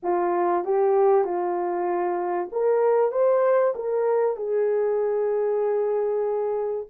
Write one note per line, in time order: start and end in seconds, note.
0.03 0.64 F4
0.64 1.24 G4
1.24 2.49 F4
2.51 3.11 A#4
3.11 3.74 C5
3.75 4.36 A#4
4.36 6.86 G#4